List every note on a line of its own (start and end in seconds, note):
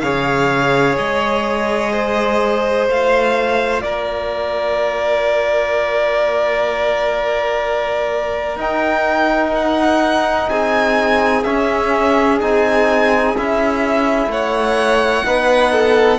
0.00 0.98 C#3
0.00 2.88 G#4
0.00 1.92 C#5
0.00 0.95 F5
0.97 2.88 G#3
0.97 2.88 D#5
1.92 3.83 C5
2.88 3.84 A3
2.88 8.58 F4
2.88 3.82 F5
3.82 8.56 A#3
3.82 10.50 A#4
3.82 8.58 D5
8.56 10.46 D#4
8.56 11.43 D#4
8.56 9.54 G5
9.54 10.49 F#5
10.49 11.44 C4
10.49 14.31 G#4
10.49 11.43 G#5
11.43 12.40 C#4
11.43 12.41 C#4
11.43 12.39 E5
12.40 13.37 C4
12.40 13.36 D#4
12.40 13.36 G#5
13.37 14.27 C#4
13.37 15.25 E4
13.37 14.31 E5
14.27 15.22 A3
14.27 15.26 C#5
14.27 16.19 F#5
15.25 16.19 B3
15.25 16.19 D#4
15.25 15.72 B4
15.72 16.19 A4